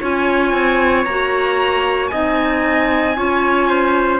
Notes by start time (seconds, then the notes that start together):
0.00 C#4 F4 C#5 G#5
0.53 C4
1.05 A#3 F#4 A#5
2.07 C4 D#4 D#5 G#5
3.16 C#4 F4 C#5
3.69 C5